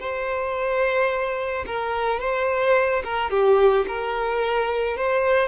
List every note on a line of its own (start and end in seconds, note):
0.00 1.65 C5
1.66 2.20 A#4
2.20 3.03 C5
3.04 3.31 A#4
3.31 3.86 G4
3.88 4.97 A#4
4.97 5.48 C5